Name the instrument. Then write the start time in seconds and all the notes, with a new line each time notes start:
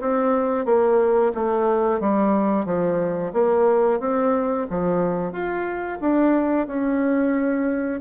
bassoon
0.00 C4
0.65 A#3
1.35 A3
2.00 G3
2.65 F3
3.33 A#3
4.00 C4
4.70 F3
5.32 F4
6.01 D4
6.67 C#4